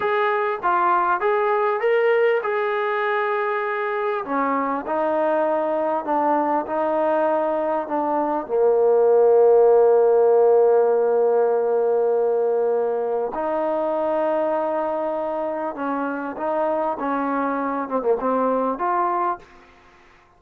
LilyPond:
\new Staff \with { instrumentName = "trombone" } { \time 4/4 \tempo 4 = 99 gis'4 f'4 gis'4 ais'4 | gis'2. cis'4 | dis'2 d'4 dis'4~ | dis'4 d'4 ais2~ |
ais1~ | ais2 dis'2~ | dis'2 cis'4 dis'4 | cis'4. c'16 ais16 c'4 f'4 | }